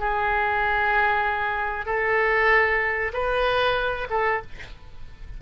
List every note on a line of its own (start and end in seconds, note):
0.00 1.86 G#4
1.86 3.12 A4
3.13 4.08 B4
4.10 4.42 A4